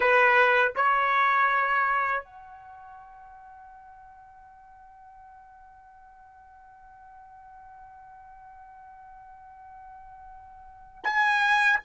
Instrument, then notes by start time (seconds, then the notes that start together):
trumpet
0.00 B4
0.75 C#5
2.23 F#5
11.04 G#5